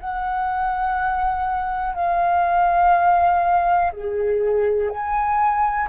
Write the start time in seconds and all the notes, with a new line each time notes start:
0.00 F#5
1.94 F5
3.92 G#4
4.89 G#5